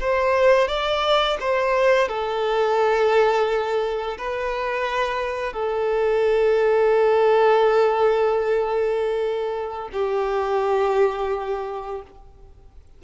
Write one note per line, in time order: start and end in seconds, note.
0.00 0.68 C5
0.68 1.37 D5
1.40 2.08 C5
2.08 4.17 A4
4.17 5.52 B4
5.52 9.88 A4
9.92 12.02 G4